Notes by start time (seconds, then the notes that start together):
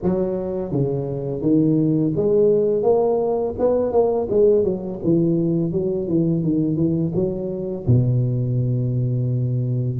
0.03 F#3
0.71 C#3
1.41 D#3
2.16 G#3
2.82 A#3
3.58 B3
3.92 A#3
4.30 G#3
4.64 F#3
5.04 E3
5.72 F#3
6.07 E3
6.43 D#3
6.76 E3
7.14 F#3
7.86 B2